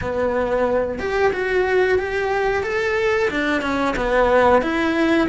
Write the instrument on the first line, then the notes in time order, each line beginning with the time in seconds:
cello
0.01 B3
0.99 G4
1.32 F#4
1.98 G4
2.63 A4
3.30 D4
3.61 C#4
3.96 B3
4.62 E4